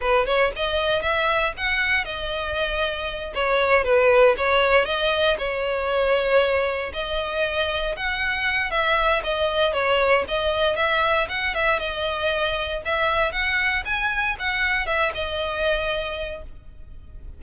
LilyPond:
\new Staff \with { instrumentName = "violin" } { \time 4/4 \tempo 4 = 117 b'8 cis''8 dis''4 e''4 fis''4 | dis''2~ dis''8 cis''4 b'8~ | b'8 cis''4 dis''4 cis''4.~ | cis''4. dis''2 fis''8~ |
fis''4 e''4 dis''4 cis''4 | dis''4 e''4 fis''8 e''8 dis''4~ | dis''4 e''4 fis''4 gis''4 | fis''4 e''8 dis''2~ dis''8 | }